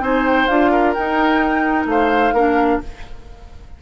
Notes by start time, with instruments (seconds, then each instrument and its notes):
0.00 bassoon C4, clarinet D#4, oboe C5, flute G#5
0.27 flute G5
0.47 bassoon D4, clarinet F4, flute F5
0.71 oboe A#4
0.94 clarinet D#4, bassoon D#4, flute G5
1.86 bassoon A3, oboe C5, flute F5
2.33 bassoon A#3, clarinet D4, oboe A#4